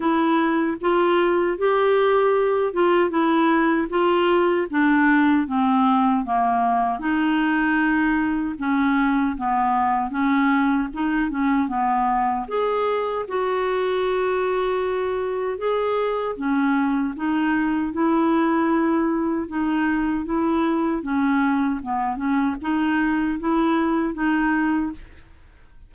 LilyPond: \new Staff \with { instrumentName = "clarinet" } { \time 4/4 \tempo 4 = 77 e'4 f'4 g'4. f'8 | e'4 f'4 d'4 c'4 | ais4 dis'2 cis'4 | b4 cis'4 dis'8 cis'8 b4 |
gis'4 fis'2. | gis'4 cis'4 dis'4 e'4~ | e'4 dis'4 e'4 cis'4 | b8 cis'8 dis'4 e'4 dis'4 | }